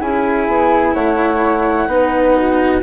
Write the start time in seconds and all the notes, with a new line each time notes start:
0.00 C#4 E4 G#4 G#5
0.47 B3
0.94 A3 C#5 F#5
1.86 B3 D#4 B4
2.36 F#4